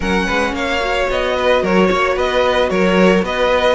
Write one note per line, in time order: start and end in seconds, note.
0.00 0.27 F#3
0.00 0.80 C#4
0.00 0.26 A#4
0.00 0.55 F#5
0.26 0.52 G#3
0.26 0.53 B4
0.52 1.07 A#3
0.52 1.36 C#5
0.52 1.09 F5
0.80 3.75 F#4
1.09 1.62 B3
1.09 1.64 D#5
1.36 1.62 B4
1.62 1.89 F#3
1.62 1.86 A#4
1.62 2.18 C#5
1.86 2.16 A#3
1.86 2.13 C#5
2.15 2.70 B3
2.15 2.69 B4
2.15 2.69 D#5
2.69 3.22 F#3
2.69 3.25 A#4
2.69 3.23 C#5
3.22 3.75 B3
3.22 3.75 B4
3.22 3.75 D#5